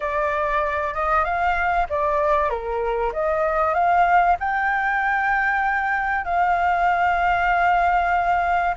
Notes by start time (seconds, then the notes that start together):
0.00 D5
0.93 D#5
1.24 F5
1.89 D5
2.49 A#4
3.12 D#5
3.73 F5
4.39 G5
6.24 F5